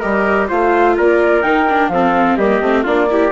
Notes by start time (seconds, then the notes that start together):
0.00 G3 G4 A#4 D#5
0.49 A3 F4 C5 F5
0.97 A#3 A#4 D5
1.43 D#3 D#4 G5
1.70 D4
1.88 F3 C4 A4 F5
2.36 G3 A#3 G4 D#5
2.62 A3 C4
2.84 A#3 D4 F4 D5
3.11 E4 G4